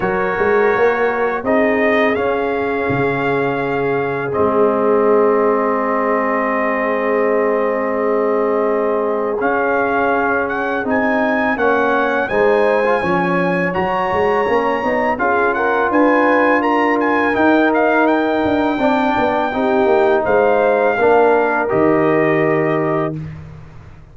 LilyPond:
<<
  \new Staff \with { instrumentName = "trumpet" } { \time 4/4 \tempo 4 = 83 cis''2 dis''4 f''4~ | f''2 dis''2~ | dis''1~ | dis''4 f''4. fis''8 gis''4 |
fis''4 gis''2 ais''4~ | ais''4 f''8 fis''8 gis''4 ais''8 gis''8 | g''8 f''8 g''2. | f''2 dis''2 | }
  \new Staff \with { instrumentName = "horn" } { \time 4/4 ais'2 gis'2~ | gis'1~ | gis'1~ | gis'1 |
cis''4 c''4 cis''2~ | cis''4 gis'8 ais'8 b'4 ais'4~ | ais'2 d''4 g'4 | c''4 ais'2. | }
  \new Staff \with { instrumentName = "trombone" } { \time 4/4 fis'2 dis'4 cis'4~ | cis'2 c'2~ | c'1~ | c'4 cis'2 dis'4 |
cis'4 dis'8. f'16 cis'4 fis'4 | cis'8 dis'8 f'2. | dis'2 d'4 dis'4~ | dis'4 d'4 g'2 | }
  \new Staff \with { instrumentName = "tuba" } { \time 4/4 fis8 gis8 ais4 c'4 cis'4 | cis2 gis2~ | gis1~ | gis4 cis'2 c'4 |
ais4 gis4 f4 fis8 gis8 | ais8 b8 cis'4 d'2 | dis'4. d'8 c'8 b8 c'8 ais8 | gis4 ais4 dis2 | }
>>